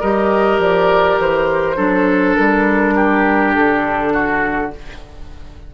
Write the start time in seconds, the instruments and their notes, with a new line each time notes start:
0.00 bassoon G3, clarinet G4, oboe A#4, flute D#5
0.59 bassoon F3, flute D5
1.19 bassoon E3, flute C5
1.76 bassoon F#3, clarinet D4, oboe A4
2.35 bassoon G3, flute A#4
2.95 oboe G4
3.54 bassoon D3, flute A4
4.13 oboe F#4